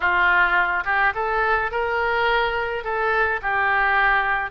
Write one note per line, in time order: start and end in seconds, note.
0.00 0.84 F4
0.84 1.13 G4
1.14 1.71 A4
1.71 2.84 A#4
2.84 3.40 A4
3.42 4.51 G4